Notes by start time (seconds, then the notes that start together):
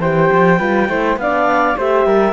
0.00 E3 G4 C5 G5
0.32 F3
0.58 G3 F4 B4
0.88 A3 E4 C5
1.16 B3 D4 D5 F5
1.76 A3 G4 C5 E5
2.06 G3 A#4